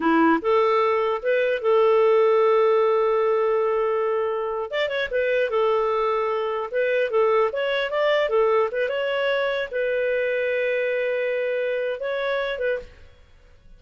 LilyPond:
\new Staff \with { instrumentName = "clarinet" } { \time 4/4 \tempo 4 = 150 e'4 a'2 b'4 | a'1~ | a'2.~ a'8. d''16~ | d''16 cis''8 b'4 a'2~ a'16~ |
a'8. b'4 a'4 cis''4 d''16~ | d''8. a'4 b'8 cis''4.~ cis''16~ | cis''16 b'2.~ b'8.~ | b'2 cis''4. b'8 | }